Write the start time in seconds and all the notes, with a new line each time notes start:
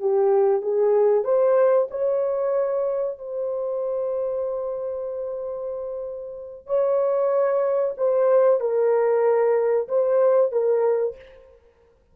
0.00 G4
0.62 G#4
1.24 C5
1.91 C#5
3.18 C5
6.67 C#5
7.98 C5
8.60 A#4
9.88 C5
10.52 A#4